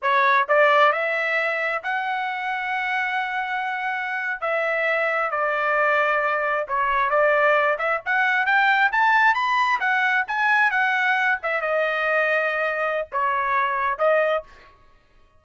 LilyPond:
\new Staff \with { instrumentName = "trumpet" } { \time 4/4 \tempo 4 = 133 cis''4 d''4 e''2 | fis''1~ | fis''4.~ fis''16 e''2 d''16~ | d''2~ d''8. cis''4 d''16~ |
d''4~ d''16 e''8 fis''4 g''4 a''16~ | a''8. b''4 fis''4 gis''4 fis''16~ | fis''4~ fis''16 e''8 dis''2~ dis''16~ | dis''4 cis''2 dis''4 | }